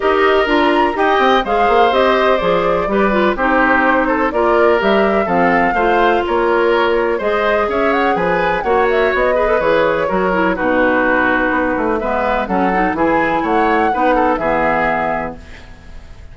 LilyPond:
<<
  \new Staff \with { instrumentName = "flute" } { \time 4/4 \tempo 4 = 125 dis''4 ais''4 g''4 f''4 | dis''4 d''2 c''4~ | c''4 d''4 e''4 f''4~ | f''4 cis''2 dis''4 |
e''8 fis''8 gis''4 fis''8 e''8 dis''4 | cis''2 b'2~ | b'4 e''4 fis''4 gis''4 | fis''2 e''2 | }
  \new Staff \with { instrumentName = "oboe" } { \time 4/4 ais'2 dis''4 c''4~ | c''2 b'4 g'4~ | g'8 a'8 ais'2 a'4 | c''4 ais'2 c''4 |
cis''4 b'4 cis''4. b'8~ | b'4 ais'4 fis'2~ | fis'4 b'4 a'4 gis'4 | cis''4 b'8 a'8 gis'2 | }
  \new Staff \with { instrumentName = "clarinet" } { \time 4/4 g'4 f'4 g'4 gis'4 | g'4 gis'4 g'8 f'8 dis'4~ | dis'4 f'4 g'4 c'4 | f'2. gis'4~ |
gis'2 fis'4. gis'16 a'16 | gis'4 fis'8 e'8 dis'2~ | dis'4 b4 cis'8 dis'8 e'4~ | e'4 dis'4 b2 | }
  \new Staff \with { instrumentName = "bassoon" } { \time 4/4 dis'4 d'4 dis'8 c'8 gis8 ais8 | c'4 f4 g4 c'4~ | c'4 ais4 g4 f4 | a4 ais2 gis4 |
cis'4 f4 ais4 b4 | e4 fis4 b,2 | b8 a8 gis4 fis4 e4 | a4 b4 e2 | }
>>